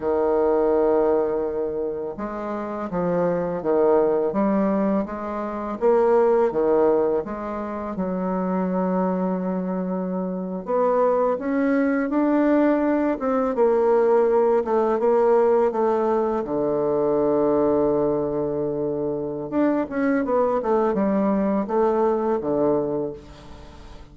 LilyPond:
\new Staff \with { instrumentName = "bassoon" } { \time 4/4 \tempo 4 = 83 dis2. gis4 | f4 dis4 g4 gis4 | ais4 dis4 gis4 fis4~ | fis2~ fis8. b4 cis'16~ |
cis'8. d'4. c'8 ais4~ ais16~ | ais16 a8 ais4 a4 d4~ d16~ | d2. d'8 cis'8 | b8 a8 g4 a4 d4 | }